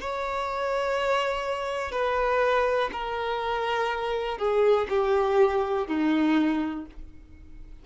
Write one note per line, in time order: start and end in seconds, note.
0.00 1.91 C#5
1.91 2.90 B4
2.92 4.38 A#4
4.38 4.87 G#4
4.89 5.87 G4
5.87 6.86 D#4